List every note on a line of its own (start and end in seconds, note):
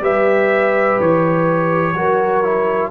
0.00 0.97 G3
0.00 1.95 G4
0.00 1.96 B4
0.00 1.00 E5
1.00 1.94 E3
1.00 2.91 C#5
1.94 2.91 F#3
1.94 2.43 F#4
1.94 2.91 A#4
2.43 2.91 E4